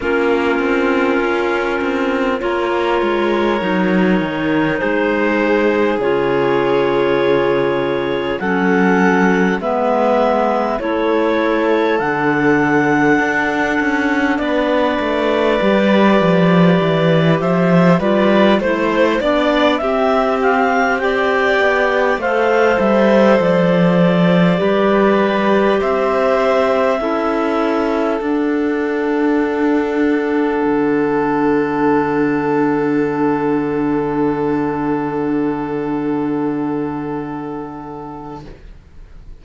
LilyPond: <<
  \new Staff \with { instrumentName = "clarinet" } { \time 4/4 \tempo 4 = 50 ais'2 cis''2 | c''4 cis''2 fis''4 | e''4 cis''4 fis''2 | d''2~ d''8 e''8 d''8 c''8 |
d''8 e''8 f''8 g''4 f''8 e''8 d''8~ | d''4. e''2 fis''8~ | fis''1~ | fis''1 | }
  \new Staff \with { instrumentName = "violin" } { \time 4/4 f'2 ais'2 | gis'2. a'4 | b'4 a'2. | b'2~ b'8 c''8 b'8 c''8 |
d''8 g'4 d''4 c''4.~ | c''8 b'4 c''4 a'4.~ | a'1~ | a'1 | }
  \new Staff \with { instrumentName = "clarinet" } { \time 4/4 cis'2 f'4 dis'4~ | dis'4 f'2 cis'4 | b4 e'4 d'2~ | d'4 g'2 f'8 e'8 |
d'8 c'4 g'4 a'4.~ | a'8 g'2 e'4 d'8~ | d'1~ | d'1 | }
  \new Staff \with { instrumentName = "cello" } { \time 4/4 ais8 c'8 cis'8 c'8 ais8 gis8 fis8 dis8 | gis4 cis2 fis4 | gis4 a4 d4 d'8 cis'8 | b8 a8 g8 f8 e8 f8 g8 a8 |
b8 c'4. b8 a8 g8 f8~ | f8 g4 c'4 cis'4 d'8~ | d'4. d2~ d8~ | d1 | }
>>